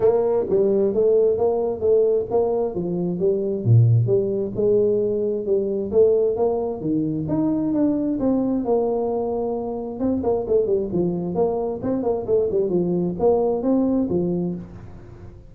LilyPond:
\new Staff \with { instrumentName = "tuba" } { \time 4/4 \tempo 4 = 132 ais4 g4 a4 ais4 | a4 ais4 f4 g4 | ais,4 g4 gis2 | g4 a4 ais4 dis4 |
dis'4 d'4 c'4 ais4~ | ais2 c'8 ais8 a8 g8 | f4 ais4 c'8 ais8 a8 g8 | f4 ais4 c'4 f4 | }